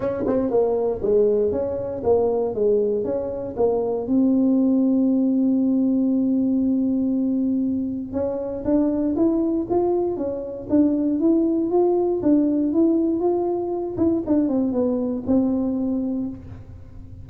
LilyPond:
\new Staff \with { instrumentName = "tuba" } { \time 4/4 \tempo 4 = 118 cis'8 c'8 ais4 gis4 cis'4 | ais4 gis4 cis'4 ais4 | c'1~ | c'1 |
cis'4 d'4 e'4 f'4 | cis'4 d'4 e'4 f'4 | d'4 e'4 f'4. e'8 | d'8 c'8 b4 c'2 | }